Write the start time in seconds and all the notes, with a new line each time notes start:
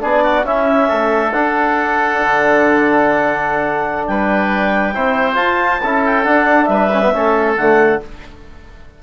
0.00 B3 D4 G#4 D5
0.23 F#4
0.44 C#4 E4 E5
0.88 A3 A4
1.32 D4 F#5
2.21 D3
4.06 G3 B4 G5
4.94 C4 E4 C5
5.34 F4 A5
5.82 C#4 E4 A4
6.05 G5
6.24 D4 F#5
6.65 G3 B4 E5
6.93 C#4
7.01 B3
7.13 A3 C#4 A4
7.56 D3 A3 F#5